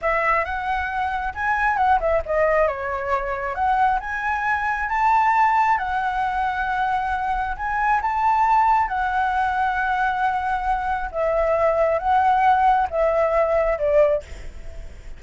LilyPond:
\new Staff \with { instrumentName = "flute" } { \time 4/4 \tempo 4 = 135 e''4 fis''2 gis''4 | fis''8 e''8 dis''4 cis''2 | fis''4 gis''2 a''4~ | a''4 fis''2.~ |
fis''4 gis''4 a''2 | fis''1~ | fis''4 e''2 fis''4~ | fis''4 e''2 d''4 | }